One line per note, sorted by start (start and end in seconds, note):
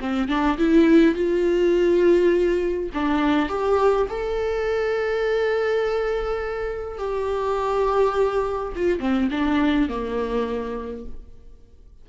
0.00 0.29 C4
0.29 0.58 D4
0.58 1.15 E4
1.15 2.90 F4
2.94 3.49 D4
3.49 4.07 G4
4.10 6.98 A4
6.98 8.73 G4
8.76 9.00 F4
9.00 9.29 C4
9.31 9.89 D4
9.89 11.05 A#3